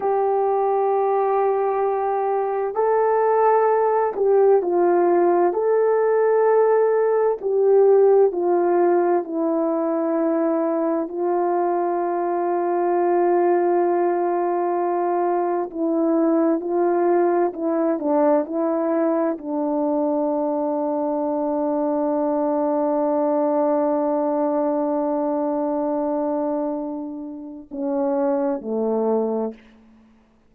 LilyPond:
\new Staff \with { instrumentName = "horn" } { \time 4/4 \tempo 4 = 65 g'2. a'4~ | a'8 g'8 f'4 a'2 | g'4 f'4 e'2 | f'1~ |
f'4 e'4 f'4 e'8 d'8 | e'4 d'2.~ | d'1~ | d'2 cis'4 a4 | }